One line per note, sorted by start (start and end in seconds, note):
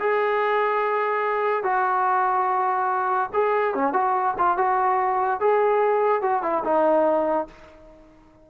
0.00 1.64 G#4
1.64 3.30 F#4
3.34 3.75 G#4
3.75 3.93 C#4
3.93 4.35 F#4
4.38 4.58 F4
4.58 5.41 F#4
5.41 6.22 G#4
6.22 6.43 F#4
6.43 6.64 E4
6.64 7.48 D#4